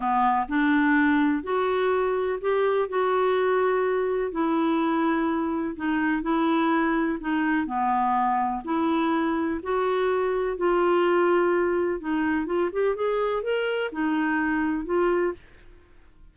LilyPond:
\new Staff \with { instrumentName = "clarinet" } { \time 4/4 \tempo 4 = 125 b4 d'2 fis'4~ | fis'4 g'4 fis'2~ | fis'4 e'2. | dis'4 e'2 dis'4 |
b2 e'2 | fis'2 f'2~ | f'4 dis'4 f'8 g'8 gis'4 | ais'4 dis'2 f'4 | }